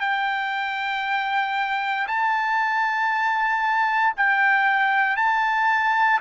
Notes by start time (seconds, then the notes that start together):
0.00 G5
2.07 A5
4.17 G5
5.16 A5